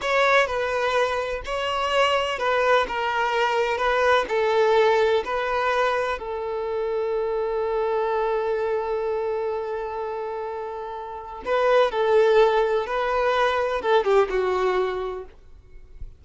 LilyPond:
\new Staff \with { instrumentName = "violin" } { \time 4/4 \tempo 4 = 126 cis''4 b'2 cis''4~ | cis''4 b'4 ais'2 | b'4 a'2 b'4~ | b'4 a'2.~ |
a'1~ | a'1 | b'4 a'2 b'4~ | b'4 a'8 g'8 fis'2 | }